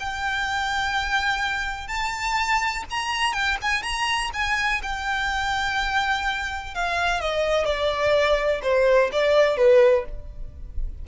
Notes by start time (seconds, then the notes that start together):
0.00 G5
1.88 A5
2.91 A#5
3.33 G5
3.62 G#5
3.82 A#5
4.34 G#5
4.83 G5
6.75 F5
7.21 D#5
7.65 D5
8.63 C5
9.12 D5
9.57 B4